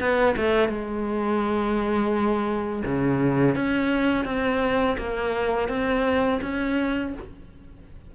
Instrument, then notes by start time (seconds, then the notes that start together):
cello
0.00 B3
0.37 A3
0.69 G#3
2.85 C#3
3.56 C#4
4.25 C4
4.98 A#3
5.69 C4
6.42 C#4